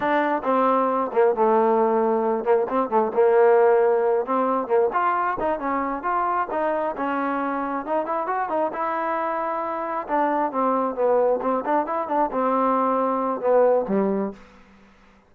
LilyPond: \new Staff \with { instrumentName = "trombone" } { \time 4/4 \tempo 4 = 134 d'4 c'4. ais8 a4~ | a4. ais8 c'8 a8 ais4~ | ais4. c'4 ais8 f'4 | dis'8 cis'4 f'4 dis'4 cis'8~ |
cis'4. dis'8 e'8 fis'8 dis'8 e'8~ | e'2~ e'8 d'4 c'8~ | c'8 b4 c'8 d'8 e'8 d'8 c'8~ | c'2 b4 g4 | }